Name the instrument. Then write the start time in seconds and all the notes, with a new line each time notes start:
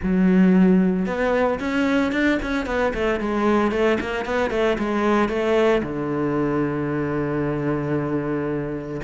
cello
0.02 F#3
1.06 B3
1.59 C#4
2.12 D4
2.42 C#4
2.66 B3
2.94 A3
3.20 G#3
3.71 A3
4.00 A#3
4.25 B3
4.50 A3
4.78 G#3
5.28 A3
5.82 D3